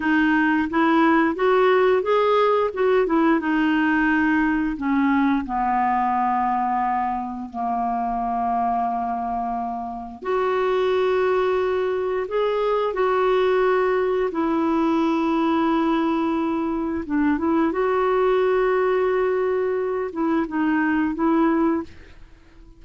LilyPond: \new Staff \with { instrumentName = "clarinet" } { \time 4/4 \tempo 4 = 88 dis'4 e'4 fis'4 gis'4 | fis'8 e'8 dis'2 cis'4 | b2. ais4~ | ais2. fis'4~ |
fis'2 gis'4 fis'4~ | fis'4 e'2.~ | e'4 d'8 e'8 fis'2~ | fis'4. e'8 dis'4 e'4 | }